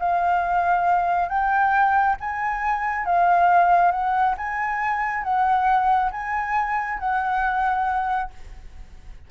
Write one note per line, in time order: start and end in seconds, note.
0.00 1.29 F5
1.29 2.17 G5
2.21 3.06 G#5
3.06 3.92 F5
3.92 4.36 F#5
4.38 5.24 G#5
5.24 6.12 F#5
6.12 6.99 G#5
7.00 8.31 F#5